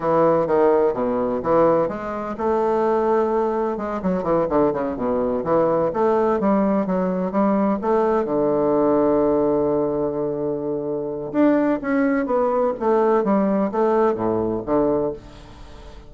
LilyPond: \new Staff \with { instrumentName = "bassoon" } { \time 4/4 \tempo 4 = 127 e4 dis4 b,4 e4 | gis4 a2. | gis8 fis8 e8 d8 cis8 b,4 e8~ | e8 a4 g4 fis4 g8~ |
g8 a4 d2~ d8~ | d1 | d'4 cis'4 b4 a4 | g4 a4 a,4 d4 | }